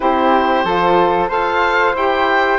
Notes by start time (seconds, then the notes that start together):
0.00 C4 E4 G4 C5
0.64 F3 F4 A4
1.28 F4 A4 C5 F5
1.94 E4 G4 G5